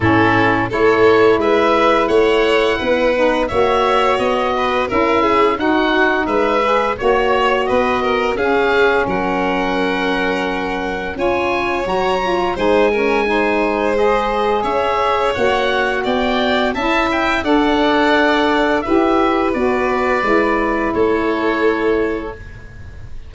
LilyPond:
<<
  \new Staff \with { instrumentName = "oboe" } { \time 4/4 \tempo 4 = 86 a'4 cis''4 e''4 fis''4~ | fis''4 e''4 dis''4 e''4 | fis''4 e''4 cis''4 dis''4 | f''4 fis''2. |
gis''4 ais''4 gis''2 | dis''4 e''4 fis''4 g''4 | a''8 g''8 fis''2 e''4 | d''2 cis''2 | }
  \new Staff \with { instrumentName = "violin" } { \time 4/4 e'4 a'4 b'4 cis''4 | b'4 cis''4. b'8 ais'8 gis'8 | fis'4 b'4 cis''4 b'8 ais'8 | gis'4 ais'2. |
cis''2 c''8 ais'8 c''4~ | c''4 cis''2 d''4 | e''4 d''2 b'4~ | b'2 a'2 | }
  \new Staff \with { instrumentName = "saxophone" } { \time 4/4 cis'4 e'2.~ | e'8 dis'8 fis'2 e'4 | dis'4. gis'8 fis'2 | cis'1 |
f'4 fis'8 f'8 dis'8 cis'8 dis'4 | gis'2 fis'2 | e'4 a'2 g'4 | fis'4 e'2. | }
  \new Staff \with { instrumentName = "tuba" } { \time 4/4 a,4 a4 gis4 a4 | b4 ais4 b4 cis'4 | dis'4 gis4 ais4 b4 | cis'4 fis2. |
cis'4 fis4 gis2~ | gis4 cis'4 ais4 b4 | cis'4 d'2 e'4 | b4 gis4 a2 | }
>>